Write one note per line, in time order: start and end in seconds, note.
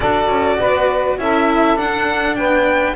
0.00 0.27 D4
0.00 1.18 F#4
0.00 0.57 A4
0.00 1.19 D5
0.27 0.57 C#4
0.59 1.18 B3
0.59 1.19 B4
1.18 1.77 C#4
1.18 1.76 E4
1.18 2.37 A4
1.18 1.78 E5
1.76 2.94 D4
1.76 2.38 D4
1.76 2.35 F#5
2.35 2.96 B3
2.35 2.96 B4
2.35 2.94 G5